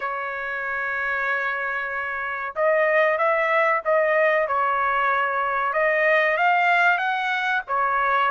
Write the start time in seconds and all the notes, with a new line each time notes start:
0.00 C#5
2.55 D#5
3.17 E5
3.84 D#5
4.47 C#5
5.73 D#5
6.37 F5
6.98 F#5
7.67 C#5